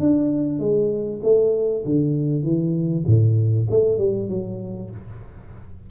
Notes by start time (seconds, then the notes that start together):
0.00 D4
0.60 G#3
1.23 A3
1.86 D3
2.44 E3
3.07 A2
3.71 A3
3.99 G3
4.29 F#3